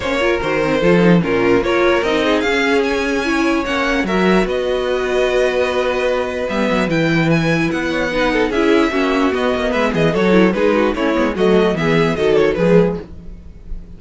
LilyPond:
<<
  \new Staff \with { instrumentName = "violin" } { \time 4/4 \tempo 4 = 148 cis''4 c''2 ais'4 | cis''4 dis''4 f''4 gis''4~ | gis''4 fis''4 e''4 dis''4~ | dis''1 |
e''4 g''4 gis''4 fis''4~ | fis''4 e''2 dis''4 | e''8 dis''8 cis''4 b'4 cis''4 | dis''4 e''4 dis''8 cis''8 b'4 | }
  \new Staff \with { instrumentName = "violin" } { \time 4/4 c''8 ais'4. a'4 f'4 | ais'4. gis'2~ gis'8 | cis''2 ais'4 b'4~ | b'1~ |
b'2.~ b'8 cis''8 | b'8 a'8 gis'4 fis'2 | b'8 gis'8 a'4 gis'8 fis'8 e'4 | fis'4 gis'4 a'4 gis'4 | }
  \new Staff \with { instrumentName = "viola" } { \time 4/4 cis'8 f'8 fis'8 c'8 f'8 dis'8 cis'4 | f'4 dis'4 cis'2 | e'4 cis'4 fis'2~ | fis'1 |
b4 e'2. | dis'4 e'4 cis'4 b4~ | b4 fis'8 e'8 dis'4 cis'8 b8 | a4 b4 fis4 gis4 | }
  \new Staff \with { instrumentName = "cello" } { \time 4/4 ais4 dis4 f4 ais,4 | ais4 c'4 cis'2~ | cis'4 ais4 fis4 b4~ | b1 |
g8 fis8 e2 b4~ | b4 cis'4 ais4 b8 ais8 | gis8 e8 fis4 gis4 a8 gis8 | fis4 e4 dis4 f4 | }
>>